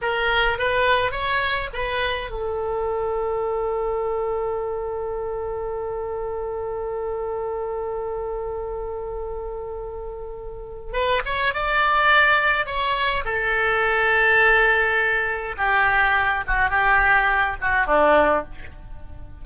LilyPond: \new Staff \with { instrumentName = "oboe" } { \time 4/4 \tempo 4 = 104 ais'4 b'4 cis''4 b'4 | a'1~ | a'1~ | a'1~ |
a'2. b'8 cis''8 | d''2 cis''4 a'4~ | a'2. g'4~ | g'8 fis'8 g'4. fis'8 d'4 | }